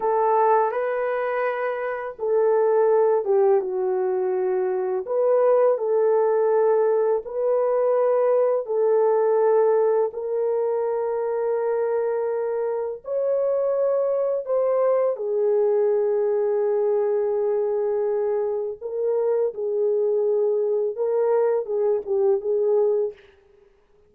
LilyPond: \new Staff \with { instrumentName = "horn" } { \time 4/4 \tempo 4 = 83 a'4 b'2 a'4~ | a'8 g'8 fis'2 b'4 | a'2 b'2 | a'2 ais'2~ |
ais'2 cis''2 | c''4 gis'2.~ | gis'2 ais'4 gis'4~ | gis'4 ais'4 gis'8 g'8 gis'4 | }